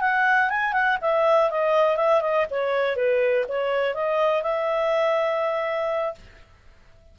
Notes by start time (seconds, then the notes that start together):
0.00 F#5
0.49 G#5
0.73 F#5
1.01 E5
1.50 D#5
1.96 E5
2.21 D#5
2.50 C#5
2.96 B4
3.48 C#5
3.94 D#5
4.42 E5